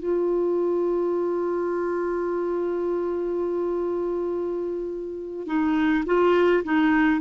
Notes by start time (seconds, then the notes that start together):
0.00 F4
5.47 D#4
6.06 F4
6.65 D#4